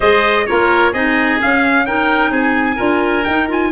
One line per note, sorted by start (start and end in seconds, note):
0.00 0.47 G#3
0.00 0.47 G#4
0.00 0.45 C5
0.00 0.46 D#5
0.46 0.93 A#3
0.46 0.93 F4
0.46 0.92 A#4
0.46 0.93 C#5
0.92 1.39 C4
0.92 1.39 D#4
0.92 1.85 G#4
0.92 1.39 D#5
1.39 1.86 C#4
1.39 2.30 C#4
1.39 1.86 F5
1.86 2.76 D#4
1.86 2.31 A#4
1.86 2.32 G5
2.30 2.77 C4
2.30 2.75 G#4
2.30 3.23 G#5
2.75 3.26 D4
2.75 3.23 F4
2.75 3.69 A#4
3.23 3.71 D#4
3.23 3.48 D#4
3.23 3.47 G5
3.48 3.71 F4
3.48 3.71 G#5